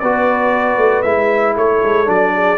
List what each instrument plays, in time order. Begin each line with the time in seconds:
0.00 tuba B3, trombone F#4, horn B4, trumpet D5
0.78 tuba A3
1.02 tuba G#3, trombone E4, trumpet E5
1.56 tuba A3, horn A4, trumpet C#5
1.83 tuba G#3
2.05 tuba F#3, trombone D4, trumpet D5
2.35 horn G#4